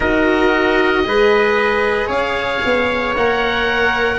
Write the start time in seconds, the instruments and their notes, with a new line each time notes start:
0.00 tuba D#4, cello F#4, trumpet A#4, oboe D#5
1.04 tuba G#3, cello G#4, trumpet B4
2.06 tuba C#4, trumpet C#5, oboe F5
2.64 tuba B3
3.16 tuba A#3, cello A#4, oboe F#5